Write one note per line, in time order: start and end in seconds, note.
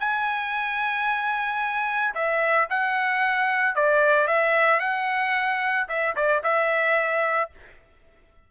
0.00 2.14 G#5
2.15 2.68 E5
2.70 3.75 F#5
3.75 4.27 D5
4.27 4.80 E5
4.80 5.87 F#5
5.89 6.15 E5
6.16 6.43 D5
6.44 7.51 E5